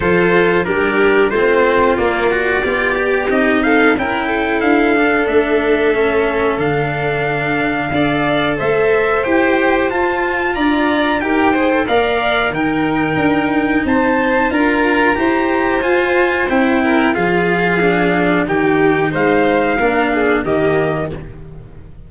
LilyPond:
<<
  \new Staff \with { instrumentName = "trumpet" } { \time 4/4 \tempo 4 = 91 c''4 ais'4 c''4 d''4~ | d''4 dis''8 f''8 g''4 f''4 | e''2 f''2~ | f''4 e''4 g''4 a''4 |
ais''4 g''4 f''4 g''4~ | g''4 a''4 ais''2 | gis''4 g''4 f''2 | g''4 f''2 dis''4 | }
  \new Staff \with { instrumentName = "violin" } { \time 4/4 a'4 g'4 f'2 | g'4. a'8 ais'8 a'4.~ | a'1 | d''4 c''2. |
d''4 ais'8 c''8 d''4 ais'4~ | ais'4 c''4 ais'4 c''4~ | c''4. ais'8 gis'2 | g'4 c''4 ais'8 gis'8 g'4 | }
  \new Staff \with { instrumentName = "cello" } { \time 4/4 f'4 d'4 c'4 ais8 fis'8 | f'8 g'8 dis'4 e'4. d'8~ | d'4 cis'4 d'2 | a'2 g'4 f'4~ |
f'4 g'8 gis'16 a'16 ais'4 dis'4~ | dis'2 f'4 g'4 | f'4 e'4 f'4 d'4 | dis'2 d'4 ais4 | }
  \new Staff \with { instrumentName = "tuba" } { \time 4/4 f4 g4 a4 ais4 | b4 c'4 cis'4 d'4 | a2 d2 | d'4 a4 e'4 f'4 |
d'4 dis'4 ais4 dis4 | d'4 c'4 d'4 e'4 | f'4 c'4 f2 | dis4 gis4 ais4 dis4 | }
>>